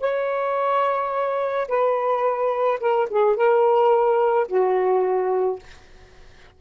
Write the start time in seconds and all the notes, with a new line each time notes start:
0.00 C#5
1.68 B4
2.80 A#4
3.10 G#4
3.36 A#4
4.47 F#4